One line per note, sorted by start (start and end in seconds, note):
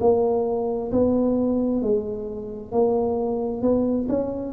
0.00 0.91 A#3
0.91 1.82 B3
1.82 2.72 G#3
2.72 3.62 A#3
3.62 4.07 B3
4.08 4.52 C#4